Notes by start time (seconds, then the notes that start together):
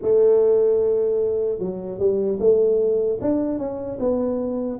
0.02 A3
1.58 F#3
1.99 G3
2.39 A3
3.21 D4
3.58 C#4
3.99 B3